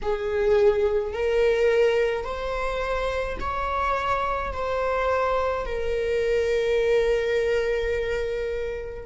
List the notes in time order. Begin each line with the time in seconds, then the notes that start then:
0.02 G#4
1.13 A#4
2.24 C5
3.40 C#5
4.52 C5
5.66 A#4